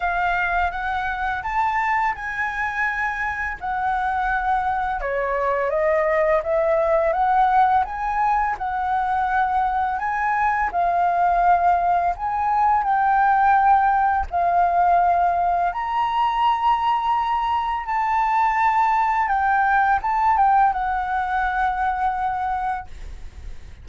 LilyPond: \new Staff \with { instrumentName = "flute" } { \time 4/4 \tempo 4 = 84 f''4 fis''4 a''4 gis''4~ | gis''4 fis''2 cis''4 | dis''4 e''4 fis''4 gis''4 | fis''2 gis''4 f''4~ |
f''4 gis''4 g''2 | f''2 ais''2~ | ais''4 a''2 g''4 | a''8 g''8 fis''2. | }